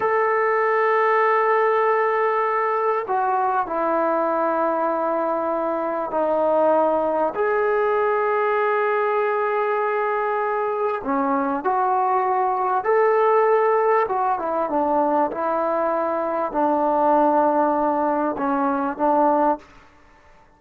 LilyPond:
\new Staff \with { instrumentName = "trombone" } { \time 4/4 \tempo 4 = 98 a'1~ | a'4 fis'4 e'2~ | e'2 dis'2 | gis'1~ |
gis'2 cis'4 fis'4~ | fis'4 a'2 fis'8 e'8 | d'4 e'2 d'4~ | d'2 cis'4 d'4 | }